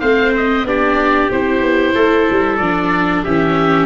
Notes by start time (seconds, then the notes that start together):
0.00 A3 C4 C5 F5
0.36 D#5
0.65 B3 D4 G4 D5
1.31 C4 E4 C5
1.62 B3
1.94 A3 A4
2.31 G3
2.57 F3 D4 D5
3.24 E3 C#4 G4 E5